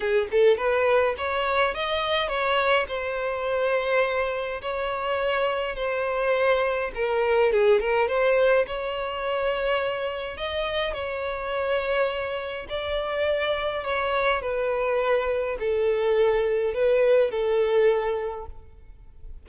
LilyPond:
\new Staff \with { instrumentName = "violin" } { \time 4/4 \tempo 4 = 104 gis'8 a'8 b'4 cis''4 dis''4 | cis''4 c''2. | cis''2 c''2 | ais'4 gis'8 ais'8 c''4 cis''4~ |
cis''2 dis''4 cis''4~ | cis''2 d''2 | cis''4 b'2 a'4~ | a'4 b'4 a'2 | }